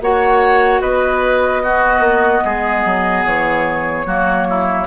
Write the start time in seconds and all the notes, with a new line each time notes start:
0.00 A#3 F#4 C#5 F#5
0.81 B3 B4 D#5
1.62 B3 F#4
1.99 A#3
2.44 G#3 G#4
2.84 F#3
3.24 E3 C#5
4.06 F#3 A#3 F#4
4.49 E4